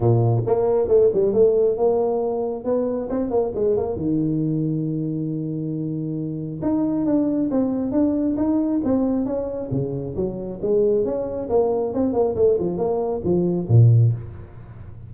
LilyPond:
\new Staff \with { instrumentName = "tuba" } { \time 4/4 \tempo 4 = 136 ais,4 ais4 a8 g8 a4 | ais2 b4 c'8 ais8 | gis8 ais8 dis2.~ | dis2. dis'4 |
d'4 c'4 d'4 dis'4 | c'4 cis'4 cis4 fis4 | gis4 cis'4 ais4 c'8 ais8 | a8 f8 ais4 f4 ais,4 | }